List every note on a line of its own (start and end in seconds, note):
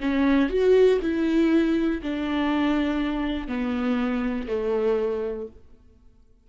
0.00 0.49 C#4
0.49 0.99 F#4
1.02 2.02 E4
2.02 3.48 D4
3.48 4.47 B3
4.47 5.47 A3